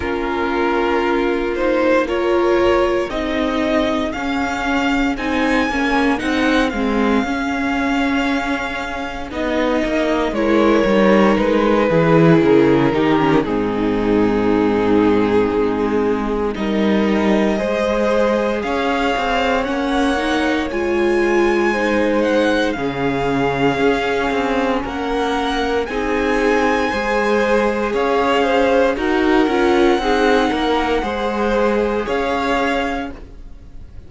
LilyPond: <<
  \new Staff \with { instrumentName = "violin" } { \time 4/4 \tempo 4 = 58 ais'4. c''8 cis''4 dis''4 | f''4 gis''4 fis''8 f''4.~ | f''4 dis''4 cis''4 b'4 | ais'4 gis'2. |
dis''2 f''4 fis''4 | gis''4. fis''8 f''2 | fis''4 gis''2 f''4 | fis''2. f''4 | }
  \new Staff \with { instrumentName = "violin" } { \time 4/4 f'2 ais'4 gis'4~ | gis'1~ | gis'2 ais'4. gis'8~ | gis'8 g'8 dis'2. |
ais'4 c''4 cis''2~ | cis''4 c''4 gis'2 | ais'4 gis'4 c''4 cis''8 c''8 | ais'4 gis'8 ais'8 c''4 cis''4 | }
  \new Staff \with { instrumentName = "viola" } { \time 4/4 cis'4. dis'8 f'4 dis'4 | cis'4 dis'8 cis'8 dis'8 c'8 cis'4~ | cis'4 dis'4 e'8 dis'4 e'8~ | e'8 dis'16 cis'16 c'2. |
dis'4 gis'2 cis'8 dis'8 | f'4 dis'4 cis'2~ | cis'4 dis'4 gis'2 | fis'8 f'8 dis'4 gis'2 | }
  \new Staff \with { instrumentName = "cello" } { \time 4/4 ais2. c'4 | cis'4 c'8 ais8 c'8 gis8 cis'4~ | cis'4 b8 ais8 gis8 g8 gis8 e8 | cis8 dis8 gis,2 gis4 |
g4 gis4 cis'8 c'8 ais4 | gis2 cis4 cis'8 c'8 | ais4 c'4 gis4 cis'4 | dis'8 cis'8 c'8 ais8 gis4 cis'4 | }
>>